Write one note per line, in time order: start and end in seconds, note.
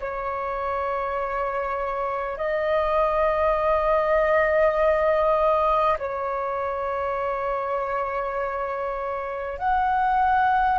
0.00 2.37 C#5
2.37 5.97 D#5
5.99 9.59 C#5
9.59 10.79 F#5